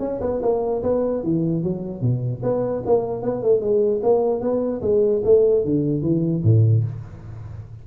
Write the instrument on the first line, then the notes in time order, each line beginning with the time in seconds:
tuba
0.00 C#4
0.21 B3
0.42 A#3
0.83 B3
1.24 E3
1.64 F#3
2.02 B2
2.43 B3
2.86 A#3
3.23 B3
3.42 A3
3.61 G#3
4.03 A#3
4.41 B3
4.82 G#3
5.25 A3
5.65 D3
6.03 E3
6.44 A2